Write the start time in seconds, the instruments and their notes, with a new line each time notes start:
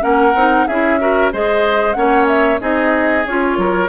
0.00 bassoon A#3, clarinet C#4, oboe A#4, flute F#5
0.34 bassoon C4, clarinet D#4
0.67 bassoon C#4, clarinet E4, oboe G#4, flute E5
1.00 clarinet F#4, oboe A#4
1.33 bassoon G#3, clarinet G#4, oboe C5, flute D#5
1.94 bassoon A#3, clarinet C#4, oboe C#5, flute F#5
2.28 flute E5
2.60 bassoon C4, clarinet D#4, oboe G#4, flute D#5
3.26 bassoon C#4, clarinet F4, flute C#5
3.58 bassoon F#3, oboe A#4